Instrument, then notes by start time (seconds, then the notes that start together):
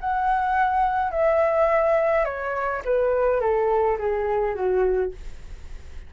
flute
0.00 F#5
1.11 E5
2.25 C#5
2.84 B4
3.40 A4
3.98 G#4
4.54 F#4